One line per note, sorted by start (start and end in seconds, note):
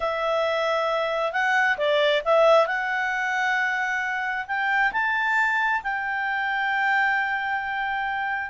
0.00 1.32 E5
1.32 1.77 F#5
1.77 2.22 D5
2.24 2.66 E5
2.66 4.46 F#5
4.47 4.92 G5
4.92 5.81 A5
5.83 8.50 G5